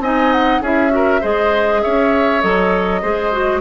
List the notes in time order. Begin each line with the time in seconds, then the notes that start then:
0.00 C4 D#4 D#5 G#5
0.32 F#5
0.61 C#4 E4 G#4 E5
0.90 F#4 A#4
1.21 G#3 G#4 C5 D#5
1.81 C#4 C#5 E5
2.41 F#3 A4 D#5
3.02 G#3 G#4 C5
3.32 F#4